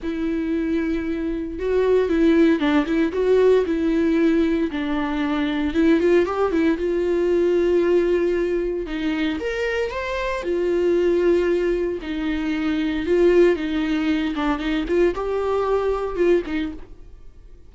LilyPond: \new Staff \with { instrumentName = "viola" } { \time 4/4 \tempo 4 = 115 e'2. fis'4 | e'4 d'8 e'8 fis'4 e'4~ | e'4 d'2 e'8 f'8 | g'8 e'8 f'2.~ |
f'4 dis'4 ais'4 c''4 | f'2. dis'4~ | dis'4 f'4 dis'4. d'8 | dis'8 f'8 g'2 f'8 dis'8 | }